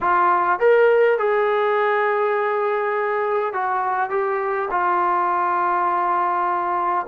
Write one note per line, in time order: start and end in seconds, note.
0.00 0.59 F4
0.59 1.18 A#4
1.18 3.53 G#4
3.53 4.10 F#4
4.10 4.68 G4
4.71 7.06 F4